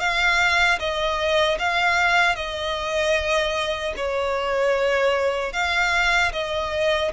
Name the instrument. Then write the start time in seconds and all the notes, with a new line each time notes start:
violin
0.00 F5
0.79 D#5
1.59 F5
2.36 D#5
3.97 C#5
5.53 F5
6.33 D#5